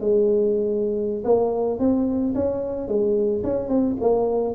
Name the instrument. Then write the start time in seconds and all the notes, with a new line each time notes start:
tuba
0.00 G#3
1.25 A#3
1.79 C4
2.35 C#4
2.88 G#3
3.44 C#4
3.69 C4
4.01 A#3